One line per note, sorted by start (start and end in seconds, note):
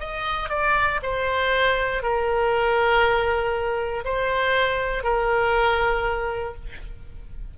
0.00 0.50 D#5
0.50 1.00 D5
1.03 2.03 C5
2.03 4.04 A#4
4.05 5.04 C5
5.04 6.55 A#4